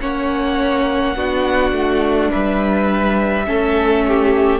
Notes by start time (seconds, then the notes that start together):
0.00 A#3 C#4 C#5 F#5
1.16 B3 D4 F#4
1.72 A3
2.31 G3 B4 E5
3.46 A3 C#4 A4
4.07 G4